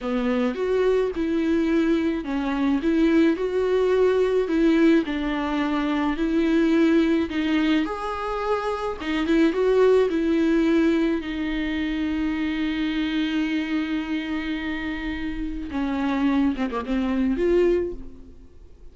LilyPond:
\new Staff \with { instrumentName = "viola" } { \time 4/4 \tempo 4 = 107 b4 fis'4 e'2 | cis'4 e'4 fis'2 | e'4 d'2 e'4~ | e'4 dis'4 gis'2 |
dis'8 e'8 fis'4 e'2 | dis'1~ | dis'1 | cis'4. c'16 ais16 c'4 f'4 | }